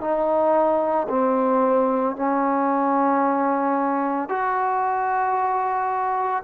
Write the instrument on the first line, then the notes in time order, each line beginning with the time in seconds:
trombone
0.00 D#4
1.09 C4
2.16 C#4
4.29 F#4